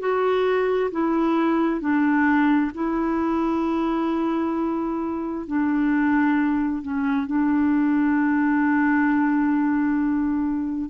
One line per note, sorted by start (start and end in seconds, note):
0.00 0.91 F#4
0.92 1.81 E4
1.81 2.71 D4
2.74 5.47 E4
5.47 6.83 D4
6.83 7.27 C#4
7.27 10.90 D4